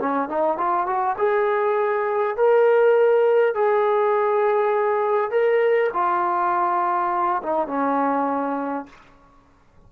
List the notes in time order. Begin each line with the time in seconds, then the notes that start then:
0.00 C#4
0.29 D#4
0.58 F4
0.87 F#4
1.19 G#4
2.37 A#4
3.55 G#4
5.31 A#4
5.94 F4
7.43 D#4
7.68 C#4